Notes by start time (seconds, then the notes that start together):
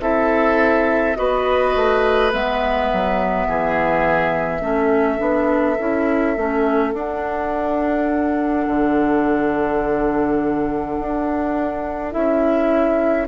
0.00 C4 E4 A4 E5
1.15 B3 F#4 B4 D#5
1.75 A3
2.32 G#3 B3 E5
2.92 F#3
3.47 E3 G#4
4.61 A3 C#4 A4
5.18 B3 D4
5.79 C#4 E4
6.36 A3 C#4
6.92 D4 F#5
8.67 D3
10.99 D4
12.11 C#4 E4 E5